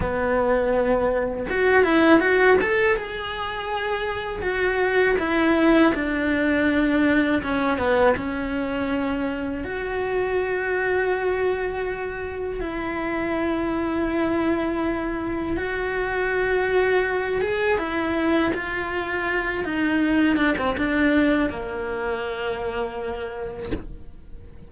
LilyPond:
\new Staff \with { instrumentName = "cello" } { \time 4/4 \tempo 4 = 81 b2 fis'8 e'8 fis'8 a'8 | gis'2 fis'4 e'4 | d'2 cis'8 b8 cis'4~ | cis'4 fis'2.~ |
fis'4 e'2.~ | e'4 fis'2~ fis'8 gis'8 | e'4 f'4. dis'4 d'16 c'16 | d'4 ais2. | }